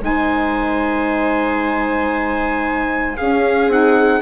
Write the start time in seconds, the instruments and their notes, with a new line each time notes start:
0.00 bassoon G#3, saxophone D#4, viola C5, trumpet G#5
3.17 saxophone C#4, bassoon C#4, viola G#4, trumpet F5
3.68 bassoon C4, saxophone D#4, trumpet F#5